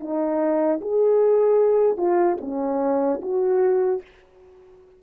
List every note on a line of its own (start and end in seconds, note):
0.00 0.80 D#4
0.81 1.97 G#4
1.97 2.37 F4
2.41 3.21 C#4
3.21 4.01 F#4